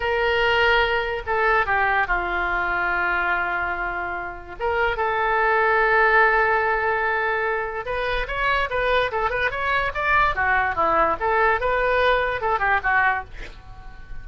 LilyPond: \new Staff \with { instrumentName = "oboe" } { \time 4/4 \tempo 4 = 145 ais'2. a'4 | g'4 f'2.~ | f'2. ais'4 | a'1~ |
a'2. b'4 | cis''4 b'4 a'8 b'8 cis''4 | d''4 fis'4 e'4 a'4 | b'2 a'8 g'8 fis'4 | }